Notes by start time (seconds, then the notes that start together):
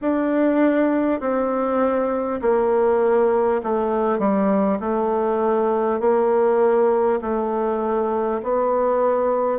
0.01 D4
1.20 C4
2.41 A#3
3.63 A3
4.18 G3
4.80 A3
5.99 A#3
7.21 A3
8.43 B3